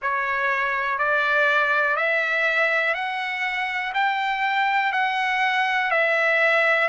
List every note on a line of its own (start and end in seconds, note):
0.01 0.98 C#5
0.98 1.96 D5
1.96 2.94 E5
2.94 3.93 F#5
3.93 4.92 G5
4.92 5.90 F#5
5.90 6.88 E5